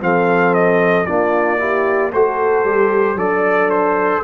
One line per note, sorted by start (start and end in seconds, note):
0.00 1.07 F3
0.00 1.05 C4
0.00 1.07 A4
0.00 0.54 F5
0.54 1.06 D#5
1.06 2.13 A#3
1.06 1.59 D4
1.06 1.59 F4
1.06 2.12 D5
1.59 2.12 E4
1.59 2.13 G4
2.13 2.65 A3
2.13 2.66 F#4
2.13 3.18 A4
2.13 3.19 C5
2.65 3.15 G3
2.65 3.18 G4
3.15 4.20 F#3
3.15 4.23 D4
3.15 4.23 A4
3.15 3.70 D5
3.70 4.23 C5